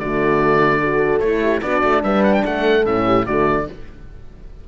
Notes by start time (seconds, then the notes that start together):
0.00 D3 A3 F#4 D5
0.80 F#4 A4
1.20 A3 E4 C#5
1.42 G4
1.62 B3 D4 F#4 D5
1.83 A3
2.03 G3 B4 E5
2.24 F#5
2.34 G5
2.45 A3 A4 F#5
2.86 A2 C#4 E5
3.06 G4
3.26 D3 A3 F#4 D5